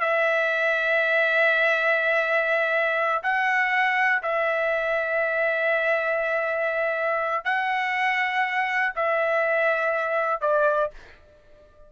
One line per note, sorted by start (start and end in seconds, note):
0.00 3.22 E5
3.23 4.22 F#5
4.23 7.44 E5
7.44 8.93 F#5
8.95 10.41 E5
10.41 10.91 D5